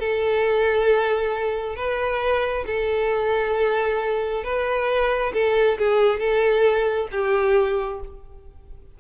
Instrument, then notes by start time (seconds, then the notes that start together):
violin
0.00 A4
1.76 B4
2.66 A4
4.44 B4
5.34 A4
5.79 G#4
6.20 A4
7.12 G4